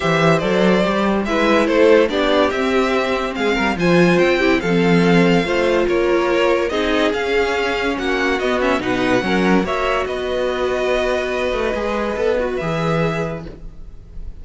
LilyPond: <<
  \new Staff \with { instrumentName = "violin" } { \time 4/4 \tempo 4 = 143 e''4 d''2 e''4 | c''4 d''4 e''2 | f''4 gis''4 g''4 f''4~ | f''2 cis''2 |
dis''4 f''2 fis''4 | dis''8 e''8 fis''2 e''4 | dis''1~ | dis''2 e''2 | }
  \new Staff \with { instrumentName = "violin" } { \time 4/4 c''2. b'4 | a'4 g'2. | gis'8 ais'8 c''4. g'8 a'4~ | a'4 c''4 ais'2 |
gis'2. fis'4~ | fis'4 b'4 ais'4 cis''4 | b'1~ | b'1 | }
  \new Staff \with { instrumentName = "viola" } { \time 4/4 g'4 a'4 g'4 e'4~ | e'4 d'4 c'2~ | c'4 f'4. e'8 c'4~ | c'4 f'2. |
dis'4 cis'2. | b8 cis'8 dis'4 cis'4 fis'4~ | fis'1 | gis'4 a'8 fis'8 gis'2 | }
  \new Staff \with { instrumentName = "cello" } { \time 4/4 e4 fis4 g4 gis4 | a4 b4 c'2 | gis8 g8 f4 c'4 f4~ | f4 a4 ais2 |
c'4 cis'2 ais4 | b4 b,4 fis4 ais4 | b2.~ b8 a8 | gis4 b4 e2 | }
>>